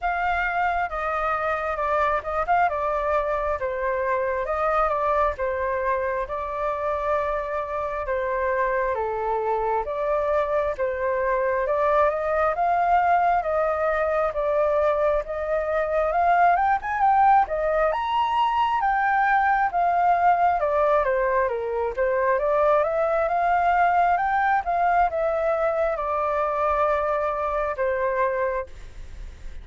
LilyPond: \new Staff \with { instrumentName = "flute" } { \time 4/4 \tempo 4 = 67 f''4 dis''4 d''8 dis''16 f''16 d''4 | c''4 dis''8 d''8 c''4 d''4~ | d''4 c''4 a'4 d''4 | c''4 d''8 dis''8 f''4 dis''4 |
d''4 dis''4 f''8 g''16 gis''16 g''8 dis''8 | ais''4 g''4 f''4 d''8 c''8 | ais'8 c''8 d''8 e''8 f''4 g''8 f''8 | e''4 d''2 c''4 | }